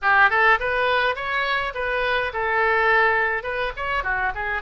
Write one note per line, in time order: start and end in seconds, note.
0.02 0.30 G4
0.30 0.58 A4
0.59 1.15 B4
1.15 1.73 C#5
1.74 2.32 B4
2.33 3.43 A4
3.43 3.72 B4
3.76 4.03 C#5
4.03 4.32 F#4
4.35 4.62 G#4